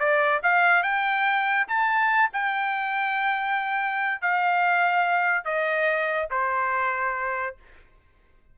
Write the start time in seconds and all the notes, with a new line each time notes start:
0.00 D5
0.43 F5
0.84 G5
1.68 A5
2.33 G5
4.22 F5
5.45 D#5
6.31 C5